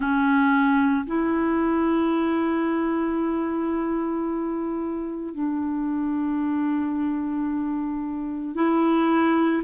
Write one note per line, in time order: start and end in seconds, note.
0.00 1.05 C#4
1.06 5.33 E4
5.33 8.55 D4
8.55 9.62 E4